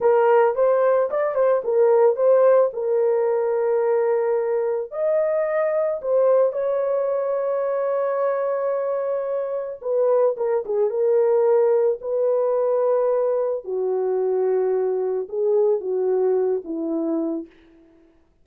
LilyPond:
\new Staff \with { instrumentName = "horn" } { \time 4/4 \tempo 4 = 110 ais'4 c''4 d''8 c''8 ais'4 | c''4 ais'2.~ | ais'4 dis''2 c''4 | cis''1~ |
cis''2 b'4 ais'8 gis'8 | ais'2 b'2~ | b'4 fis'2. | gis'4 fis'4. e'4. | }